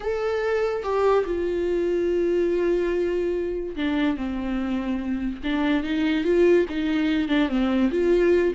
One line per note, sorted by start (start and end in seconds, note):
0.00 0.83 A4
0.83 1.24 G4
1.25 3.75 F4
3.76 4.16 D4
4.16 5.41 C4
5.43 5.83 D4
5.83 6.24 D#4
6.24 6.66 F4
6.69 7.28 D#4
7.28 7.48 D4
7.48 7.90 C4
7.91 8.53 F4